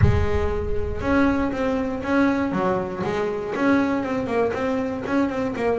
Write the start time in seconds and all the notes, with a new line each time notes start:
0.01 G#3
1.01 C#4
1.51 C4
2.03 C#4
2.52 F#3
3.03 G#3
3.55 C#4
4.03 C4
4.26 A#3
4.53 C4
5.06 C#4
5.29 C4
5.56 A#3